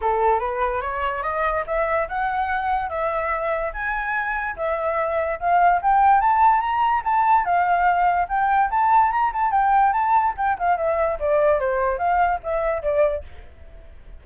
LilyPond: \new Staff \with { instrumentName = "flute" } { \time 4/4 \tempo 4 = 145 a'4 b'4 cis''4 dis''4 | e''4 fis''2 e''4~ | e''4 gis''2 e''4~ | e''4 f''4 g''4 a''4 |
ais''4 a''4 f''2 | g''4 a''4 ais''8 a''8 g''4 | a''4 g''8 f''8 e''4 d''4 | c''4 f''4 e''4 d''4 | }